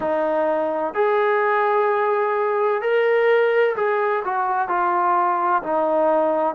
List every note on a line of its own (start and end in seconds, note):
0.00 0.94 D#4
0.94 2.81 G#4
2.81 3.75 A#4
3.76 4.23 G#4
4.24 4.68 F#4
4.68 5.62 F4
5.62 6.55 D#4